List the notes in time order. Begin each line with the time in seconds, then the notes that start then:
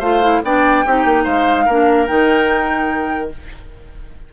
0.00 A3 F4 C5 F5
0.22 E4
0.43 B3 D4 D5 G5
0.85 C4 D#4 G4
1.05 A#3
1.24 G#3 C5 F5
1.65 A#3 D4 A#4
2.06 D#3 D#4 G5